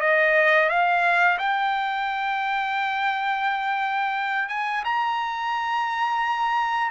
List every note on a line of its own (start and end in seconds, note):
0.00 0.69 D#5
0.69 1.38 F5
1.38 4.48 G5
4.49 4.83 G#5
4.84 6.90 A#5